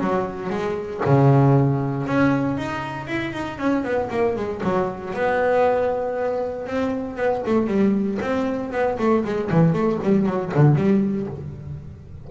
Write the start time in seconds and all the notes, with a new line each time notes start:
0.00 F#3
0.50 G#3
1.05 C#3
2.07 C#4
2.57 D#4
3.08 E4
3.33 D#4
3.58 C#4
3.84 B3
4.10 A#3
4.36 G#3
4.63 F#3
5.14 B3
6.67 C4
7.16 B3
7.46 A3
7.67 G3
8.21 C4
8.72 B3
8.98 A3
9.25 G#3
9.51 E3
9.73 A3
10.03 G3
10.26 F#3
10.54 D3
10.76 G3